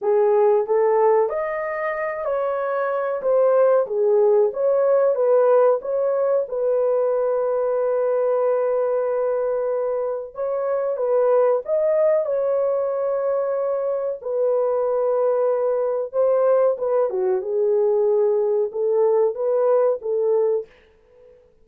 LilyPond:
\new Staff \with { instrumentName = "horn" } { \time 4/4 \tempo 4 = 93 gis'4 a'4 dis''4. cis''8~ | cis''4 c''4 gis'4 cis''4 | b'4 cis''4 b'2~ | b'1 |
cis''4 b'4 dis''4 cis''4~ | cis''2 b'2~ | b'4 c''4 b'8 fis'8 gis'4~ | gis'4 a'4 b'4 a'4 | }